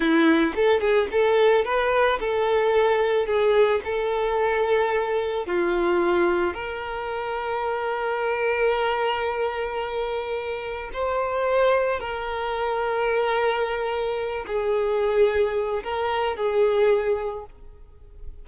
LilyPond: \new Staff \with { instrumentName = "violin" } { \time 4/4 \tempo 4 = 110 e'4 a'8 gis'8 a'4 b'4 | a'2 gis'4 a'4~ | a'2 f'2 | ais'1~ |
ais'1 | c''2 ais'2~ | ais'2~ ais'8 gis'4.~ | gis'4 ais'4 gis'2 | }